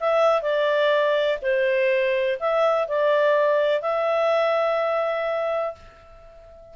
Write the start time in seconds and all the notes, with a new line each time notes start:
0.00 E5
0.42 D5
1.42 C5
2.40 E5
2.88 D5
3.82 E5